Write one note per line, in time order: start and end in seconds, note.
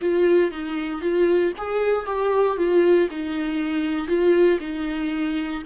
0.01 0.51 F4
0.51 1.01 D#4
1.01 1.52 F4
1.57 2.05 G#4
2.05 2.57 G4
2.57 3.08 F4
3.10 4.07 D#4
4.07 4.59 F4
4.60 5.62 D#4